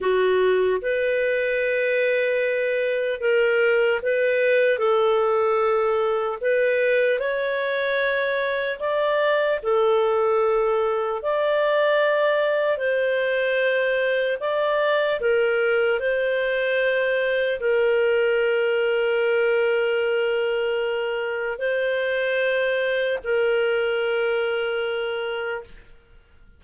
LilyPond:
\new Staff \with { instrumentName = "clarinet" } { \time 4/4 \tempo 4 = 75 fis'4 b'2. | ais'4 b'4 a'2 | b'4 cis''2 d''4 | a'2 d''2 |
c''2 d''4 ais'4 | c''2 ais'2~ | ais'2. c''4~ | c''4 ais'2. | }